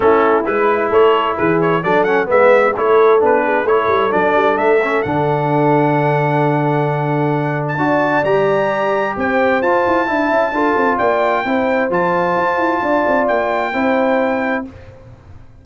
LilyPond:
<<
  \new Staff \with { instrumentName = "trumpet" } { \time 4/4 \tempo 4 = 131 a'4 b'4 cis''4 b'8 cis''8 | d''8 fis''8 e''4 cis''4 b'4 | cis''4 d''4 e''4 fis''4~ | fis''1~ |
fis''8. a''4~ a''16 ais''2 | g''4 a''2. | g''2 a''2~ | a''4 g''2. | }
  \new Staff \with { instrumentName = "horn" } { \time 4/4 e'2 a'4 gis'4 | a'4 b'4 a'4. gis'8 | a'1~ | a'1~ |
a'4 d''2. | c''2 e''4 a'4 | d''4 c''2. | d''2 c''2 | }
  \new Staff \with { instrumentName = "trombone" } { \time 4/4 cis'4 e'2. | d'8 cis'8 b4 e'4 d'4 | e'4 d'4. cis'8 d'4~ | d'1~ |
d'4 fis'4 g'2~ | g'4 f'4 e'4 f'4~ | f'4 e'4 f'2~ | f'2 e'2 | }
  \new Staff \with { instrumentName = "tuba" } { \time 4/4 a4 gis4 a4 e4 | fis4 gis4 a4 b4 | a8 g8 fis8 g8 a4 d4~ | d1~ |
d4 d'4 g2 | c'4 f'8 e'8 d'8 cis'8 d'8 c'8 | ais4 c'4 f4 f'8 e'8 | d'8 c'8 ais4 c'2 | }
>>